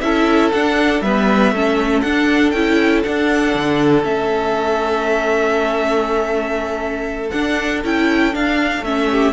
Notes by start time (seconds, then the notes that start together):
0.00 C#4 E4 A4 E5
0.51 D4 F#5
1.01 G3 B3 B4 E5
1.51 A3 C#4 A4
2.01 D4 F#5
2.50 C#4 E4 G5
3.03 D4 F#5
3.54 D3
4.02 A3 C#4 E5
7.29 D4 F#5
7.84 C#4 E4 G5
8.32 D4 F5
8.81 A3 C#4 E5
9.09 G4